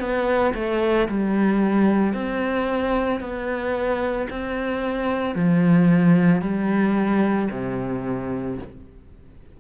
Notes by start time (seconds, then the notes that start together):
0.00 B3
0.55 A3
1.09 G3
2.14 C4
3.21 B3
4.30 C4
5.35 F3
6.42 G3
7.51 C3